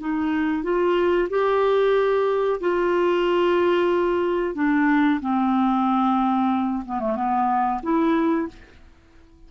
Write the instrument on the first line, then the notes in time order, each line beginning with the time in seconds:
clarinet
0.00 D#4
0.63 F4
1.30 G4
2.60 F4
4.55 D4
5.21 C4
6.85 B3
7.00 A3
7.15 B3
7.83 E4